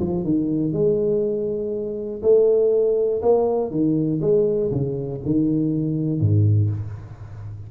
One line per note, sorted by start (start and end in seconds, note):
0.00 0.24 F3
0.24 0.73 D#3
0.73 2.21 G#3
2.22 3.21 A3
3.22 3.71 A#3
3.71 4.20 D#3
4.21 4.71 G#3
4.71 5.20 C#3
5.25 6.20 D#3
6.20 6.70 G#2